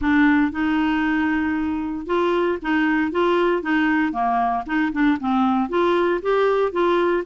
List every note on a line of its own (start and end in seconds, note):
0.01 0.51 D4
0.51 2.06 D#4
2.06 2.58 F4
2.61 3.11 D#4
3.11 3.62 F4
3.62 4.12 D#4
4.12 4.64 A#3
4.66 4.92 D#4
4.92 5.18 D4
5.20 5.69 C4
5.69 6.20 F4
6.22 6.71 G4
6.71 7.23 F4